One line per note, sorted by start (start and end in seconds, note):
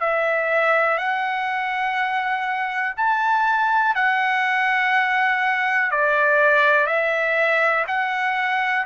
0.00 0.97 E5
0.97 2.94 F#5
2.96 3.95 A5
3.95 5.91 F#5
5.91 6.86 D5
6.86 7.85 E5
7.87 8.85 F#5